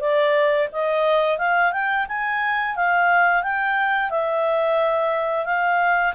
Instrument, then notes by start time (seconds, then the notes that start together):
clarinet
0.00 D5
0.72 D#5
1.38 F5
1.72 G5
2.08 G#5
2.76 F5
3.43 G5
4.10 E5
5.45 F5